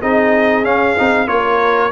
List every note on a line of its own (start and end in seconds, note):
0.00 0.65 C4
0.00 0.65 D#4
0.00 1.28 G#4
0.00 0.65 D#5
0.65 0.97 C#4
0.65 1.28 F5
0.98 1.27 C4
0.98 1.27 D#4
1.27 1.91 A#3
1.27 1.91 F4
1.27 1.92 A#4
1.27 1.92 C#5